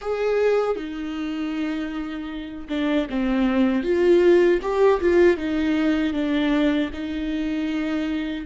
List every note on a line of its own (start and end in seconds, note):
0.01 0.76 G#4
0.76 2.68 D#4
2.69 3.07 D4
3.09 3.83 C4
3.83 4.60 F4
4.62 5.00 G4
5.00 5.37 F4
5.37 6.13 D#4
6.13 6.90 D4
6.93 8.45 D#4